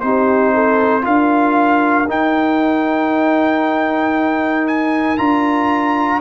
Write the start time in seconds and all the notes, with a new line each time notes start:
0.00 C4 D#4 G4 C5
0.54 A4
1.01 D4 F4 A#4 F5
2.08 D#4 G5
4.67 G#5
5.17 D4 F4 A#5